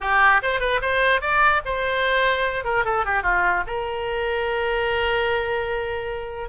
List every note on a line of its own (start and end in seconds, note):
0.01 0.41 G4
0.42 0.60 C5
0.60 0.80 B4
0.81 1.21 C5
1.21 1.61 D5
1.65 2.64 C5
2.64 2.84 A#4
2.84 3.05 A4
3.05 3.22 G4
3.22 3.63 F4
3.66 6.49 A#4